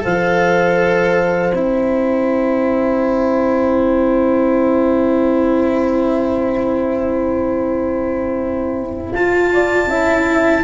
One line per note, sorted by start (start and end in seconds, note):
0.00 1.53 F3
0.00 1.52 A4
0.00 9.52 C5
0.00 1.55 F5
1.53 9.12 C4
1.53 9.14 E4
1.53 9.14 G5
9.12 9.87 F4
9.12 9.89 F4
9.12 10.64 A5
9.52 9.90 D5
9.87 10.62 C#4
9.87 10.64 E4
9.87 10.64 E5